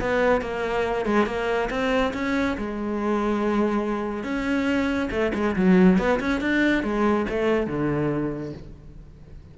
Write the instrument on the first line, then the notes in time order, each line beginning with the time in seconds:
cello
0.00 B3
0.41 A#3
1.05 G#3
1.26 A#3
1.70 C4
2.13 C#4
2.57 G#3
4.23 C#4
5.10 A3
5.34 G#3
5.56 F#3
5.98 B3
6.19 C#4
6.40 D4
6.83 G#3
7.29 A3
7.67 D3